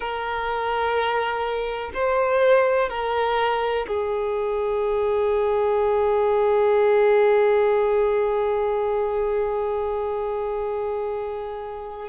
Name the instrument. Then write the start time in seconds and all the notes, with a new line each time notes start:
violin
0.00 A#4
1.94 C5
2.89 A#4
3.87 G#4